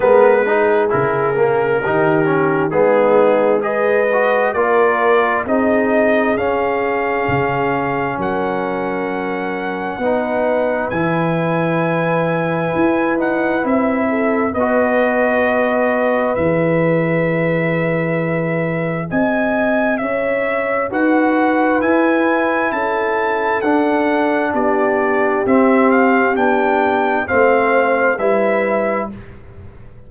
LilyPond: <<
  \new Staff \with { instrumentName = "trumpet" } { \time 4/4 \tempo 4 = 66 b'4 ais'2 gis'4 | dis''4 d''4 dis''4 f''4~ | f''4 fis''2. | gis''2~ gis''8 fis''8 e''4 |
dis''2 e''2~ | e''4 gis''4 e''4 fis''4 | gis''4 a''4 fis''4 d''4 | e''8 f''8 g''4 f''4 e''4 | }
  \new Staff \with { instrumentName = "horn" } { \time 4/4 ais'8 gis'4. g'4 dis'4 | b'4 ais'4 gis'2~ | gis'4 ais'2 b'4~ | b'2.~ b'8 a'8 |
b'1~ | b'4 dis''4 cis''4 b'4~ | b'4 a'2 g'4~ | g'2 c''4 b'4 | }
  \new Staff \with { instrumentName = "trombone" } { \time 4/4 b8 dis'8 e'8 ais8 dis'8 cis'8 b4 | gis'8 fis'8 f'4 dis'4 cis'4~ | cis'2. dis'4 | e'2~ e'8 dis'8 e'4 |
fis'2 gis'2~ | gis'2. fis'4 | e'2 d'2 | c'4 d'4 c'4 e'4 | }
  \new Staff \with { instrumentName = "tuba" } { \time 4/4 gis4 cis4 dis4 gis4~ | gis4 ais4 c'4 cis'4 | cis4 fis2 b4 | e2 e'4 c'4 |
b2 e2~ | e4 c'4 cis'4 dis'4 | e'4 cis'4 d'4 b4 | c'4 b4 a4 g4 | }
>>